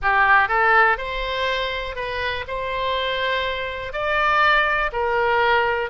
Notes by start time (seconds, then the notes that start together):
0.01 G4
0.48 A4
0.97 C5
1.95 B4
2.47 C5
3.92 D5
4.92 A#4